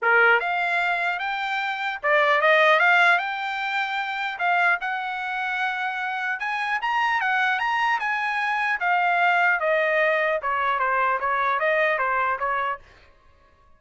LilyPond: \new Staff \with { instrumentName = "trumpet" } { \time 4/4 \tempo 4 = 150 ais'4 f''2 g''4~ | g''4 d''4 dis''4 f''4 | g''2. f''4 | fis''1 |
gis''4 ais''4 fis''4 ais''4 | gis''2 f''2 | dis''2 cis''4 c''4 | cis''4 dis''4 c''4 cis''4 | }